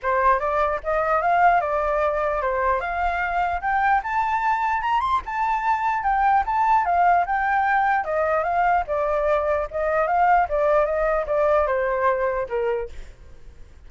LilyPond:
\new Staff \with { instrumentName = "flute" } { \time 4/4 \tempo 4 = 149 c''4 d''4 dis''4 f''4 | d''2 c''4 f''4~ | f''4 g''4 a''2 | ais''8 c'''8 a''2 g''4 |
a''4 f''4 g''2 | dis''4 f''4 d''2 | dis''4 f''4 d''4 dis''4 | d''4 c''2 ais'4 | }